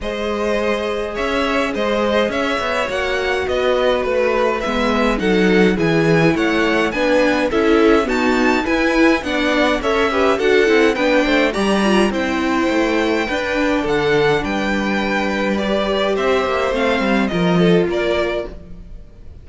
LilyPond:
<<
  \new Staff \with { instrumentName = "violin" } { \time 4/4 \tempo 4 = 104 dis''2 e''4 dis''4 | e''4 fis''4 dis''4 b'4 | e''4 fis''4 gis''4 fis''4 | gis''4 e''4 a''4 gis''4 |
fis''4 e''4 fis''4 g''4 | ais''4 g''2. | fis''4 g''2 d''4 | e''4 f''4 dis''4 d''4 | }
  \new Staff \with { instrumentName = "violin" } { \time 4/4 c''2 cis''4 c''4 | cis''2 b'2~ | b'4 a'4 gis'4 cis''4 | b'4 a'4 fis'4 b'4 |
d''4 cis''8 b'8 a'4 b'8 c''8 | d''4 c''2 b'4 | a'4 b'2. | c''2 ais'8 a'8 ais'4 | }
  \new Staff \with { instrumentName = "viola" } { \time 4/4 gis'1~ | gis'4 fis'2. | b4 dis'4 e'2 | d'4 e'4 b4 e'4 |
d'4 a'8 g'8 fis'8 e'8 d'4 | g'8 f'8 e'2 d'4~ | d'2. g'4~ | g'4 c'4 f'2 | }
  \new Staff \with { instrumentName = "cello" } { \time 4/4 gis2 cis'4 gis4 | cis'8 b8 ais4 b4 a4 | gis4 fis4 e4 a4 | b4 cis'4 dis'4 e'4 |
b4 cis'4 d'8 c'8 b8 a8 | g4 c'4 a4 d'4 | d4 g2. | c'8 ais8 a8 g8 f4 ais4 | }
>>